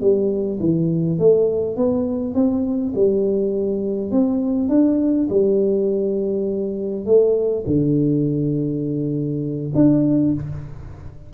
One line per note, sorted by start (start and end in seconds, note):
0.00 0.59 G3
0.60 1.19 E3
1.19 1.76 A3
1.76 2.34 B3
2.34 2.93 C4
2.95 4.11 G3
4.11 4.69 C4
4.69 5.28 D4
5.29 7.05 G3
7.05 7.64 A3
7.66 9.72 D3
9.75 10.33 D4